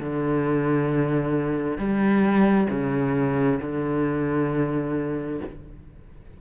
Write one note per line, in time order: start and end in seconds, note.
0.00 1.78 D3
1.78 2.68 G3
2.70 3.60 C#3
3.62 5.41 D3